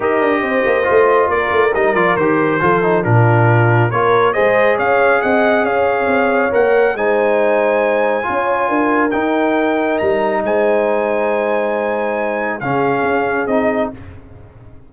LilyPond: <<
  \new Staff \with { instrumentName = "trumpet" } { \time 4/4 \tempo 4 = 138 dis''2. d''4 | dis''8 d''8 c''2 ais'4~ | ais'4 cis''4 dis''4 f''4 | fis''4 f''2 fis''4 |
gis''1~ | gis''4 g''2 ais''4 | gis''1~ | gis''4 f''2 dis''4 | }
  \new Staff \with { instrumentName = "horn" } { \time 4/4 ais'4 c''2 ais'4~ | ais'2 a'4 f'4~ | f'4 ais'4 c''4 cis''4 | dis''4 cis''2. |
c''2. cis''4 | ais'1 | c''1~ | c''4 gis'2. | }
  \new Staff \with { instrumentName = "trombone" } { \time 4/4 g'2 f'2 | dis'8 f'8 g'4 f'8 dis'8 d'4~ | d'4 f'4 gis'2~ | gis'2. ais'4 |
dis'2. f'4~ | f'4 dis'2.~ | dis'1~ | dis'4 cis'2 dis'4 | }
  \new Staff \with { instrumentName = "tuba" } { \time 4/4 dis'8 d'8 c'8 ais8 a4 ais8 a8 | g8 f8 dis4 f4 ais,4~ | ais,4 ais4 gis4 cis'4 | c'4 cis'4 c'4 ais4 |
gis2. cis'4 | d'4 dis'2 g4 | gis1~ | gis4 cis4 cis'4 c'4 | }
>>